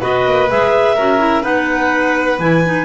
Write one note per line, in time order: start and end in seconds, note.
0.00 0.26 B3
0.00 0.48 F#4
0.00 0.94 B4
0.00 0.50 D#5
0.26 0.49 A#3
0.49 0.97 G#3
0.49 0.96 G#4
0.49 1.43 E5
0.94 1.44 C#4
0.94 1.18 F#4
0.94 1.42 A#4
1.18 1.41 E4
1.41 2.39 B3
1.41 2.37 D#4
1.41 2.85 B4
1.41 2.39 F#5
2.39 2.85 E3
2.39 2.63 E4
2.39 2.85 G#5
2.64 2.85 D#4